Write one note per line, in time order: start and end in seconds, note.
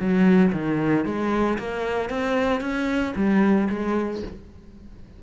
0.00 0.53 F#3
0.53 1.06 D#3
1.06 1.58 G#3
1.59 2.10 A#3
2.10 2.61 C4
2.61 3.14 C#4
3.16 3.69 G3
3.70 4.23 G#3